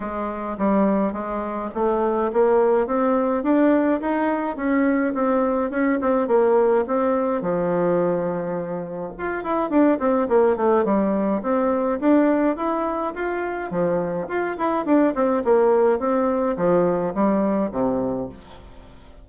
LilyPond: \new Staff \with { instrumentName = "bassoon" } { \time 4/4 \tempo 4 = 105 gis4 g4 gis4 a4 | ais4 c'4 d'4 dis'4 | cis'4 c'4 cis'8 c'8 ais4 | c'4 f2. |
f'8 e'8 d'8 c'8 ais8 a8 g4 | c'4 d'4 e'4 f'4 | f4 f'8 e'8 d'8 c'8 ais4 | c'4 f4 g4 c4 | }